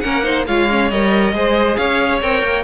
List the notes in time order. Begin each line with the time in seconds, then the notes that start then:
0.00 A#3 C#4 A#4 F#5
0.23 D#4 C5
0.47 G#3 F4 C#5 F5
0.70 C#4
0.91 G3 A#4 D#5
1.33 G#3 G#4 C5
1.76 C#4 C#5 F5
2.22 C4 A#4 G5
2.42 A#3